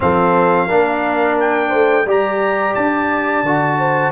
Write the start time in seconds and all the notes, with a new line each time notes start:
0.00 F3 C4 A4 F5
0.67 A#3 D4 A#4
1.39 G5
1.69 A3 C5
2.05 G3 G4 D5 A#5
2.75 D4 A5
3.43 D3 F#4
3.78 C5